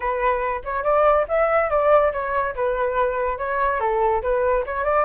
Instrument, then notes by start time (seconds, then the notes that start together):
flute
0.00 B4
0.64 C#5
0.83 D5
1.28 E5
1.70 D5
2.12 C#5
2.55 B4
3.38 C#5
3.80 A4
4.22 B4
4.65 C#5
4.84 D5